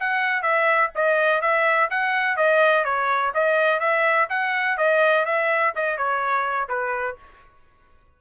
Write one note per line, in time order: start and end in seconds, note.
0.00 0.42 F#5
0.42 0.90 E5
0.95 1.42 D#5
1.42 1.90 E5
1.90 2.37 F#5
2.37 2.85 D#5
2.85 3.33 C#5
3.34 3.80 D#5
3.80 4.28 E5
4.30 4.78 F#5
4.78 5.26 D#5
5.26 5.74 E5
5.76 5.97 D#5
5.97 6.69 C#5
6.69 7.17 B4